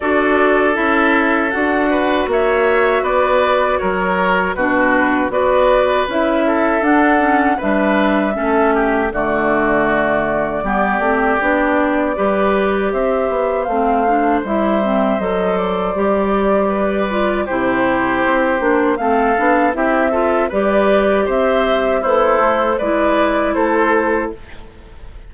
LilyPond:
<<
  \new Staff \with { instrumentName = "flute" } { \time 4/4 \tempo 4 = 79 d''4 e''4 fis''4 e''4 | d''4 cis''4 b'4 d''4 | e''4 fis''4 e''2 | d''1~ |
d''4 e''4 f''4 e''4 | dis''8 d''2~ d''8 c''4~ | c''4 f''4 e''4 d''4 | e''4 c''4 d''4 c''4 | }
  \new Staff \with { instrumentName = "oboe" } { \time 4/4 a'2~ a'8 b'8 cis''4 | b'4 ais'4 fis'4 b'4~ | b'8 a'4. b'4 a'8 g'8 | fis'2 g'2 |
b'4 c''2.~ | c''2 b'4 g'4~ | g'4 a'4 g'8 a'8 b'4 | c''4 e'4 b'4 a'4 | }
  \new Staff \with { instrumentName = "clarinet" } { \time 4/4 fis'4 e'4 fis'2~ | fis'2 d'4 fis'4 | e'4 d'8 cis'8 d'4 cis'4 | a2 b8 c'8 d'4 |
g'2 c'8 d'8 e'8 c'8 | a'4 g'4. f'8 e'4~ | e'8 d'8 c'8 d'8 e'8 f'8 g'4~ | g'4 a'4 e'2 | }
  \new Staff \with { instrumentName = "bassoon" } { \time 4/4 d'4 cis'4 d'4 ais4 | b4 fis4 b,4 b4 | cis'4 d'4 g4 a4 | d2 g8 a8 b4 |
g4 c'8 b8 a4 g4 | fis4 g2 c4 | c'8 ais8 a8 b8 c'4 g4 | c'4 b8 a8 gis4 a4 | }
>>